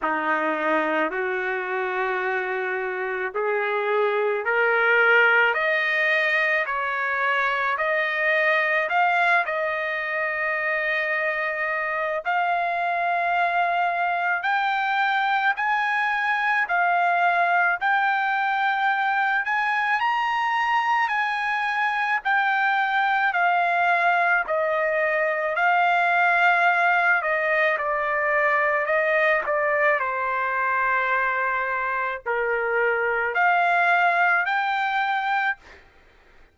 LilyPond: \new Staff \with { instrumentName = "trumpet" } { \time 4/4 \tempo 4 = 54 dis'4 fis'2 gis'4 | ais'4 dis''4 cis''4 dis''4 | f''8 dis''2~ dis''8 f''4~ | f''4 g''4 gis''4 f''4 |
g''4. gis''8 ais''4 gis''4 | g''4 f''4 dis''4 f''4~ | f''8 dis''8 d''4 dis''8 d''8 c''4~ | c''4 ais'4 f''4 g''4 | }